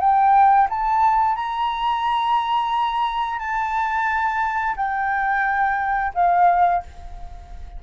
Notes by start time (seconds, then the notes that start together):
0.00 G5
0.70 A5
1.36 A#5
3.39 A5
4.76 G5
6.15 F5